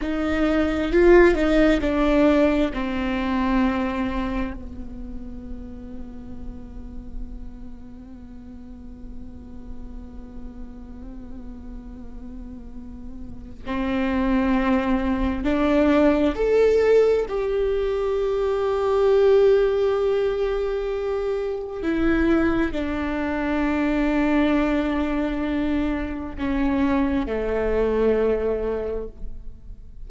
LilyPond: \new Staff \with { instrumentName = "viola" } { \time 4/4 \tempo 4 = 66 dis'4 f'8 dis'8 d'4 c'4~ | c'4 b2.~ | b1~ | b2. c'4~ |
c'4 d'4 a'4 g'4~ | g'1 | e'4 d'2.~ | d'4 cis'4 a2 | }